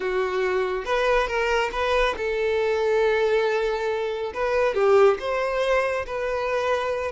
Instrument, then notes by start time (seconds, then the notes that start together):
violin
0.00 F#4
0.85 B4
1.27 A#4
1.71 B4
2.17 A4
4.34 B4
4.74 G4
5.19 C5
6.06 B4